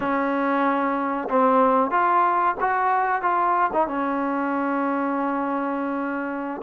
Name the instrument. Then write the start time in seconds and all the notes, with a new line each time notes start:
trombone
0.00 C#4
1.29 C4
1.90 F4
2.60 F#4
3.22 F4
3.73 D#4
3.87 C#4